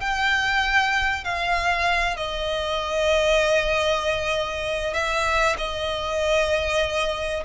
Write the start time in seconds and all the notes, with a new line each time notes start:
0.00 G5
1.24 F5
2.16 D#5
4.93 E5
5.58 D#5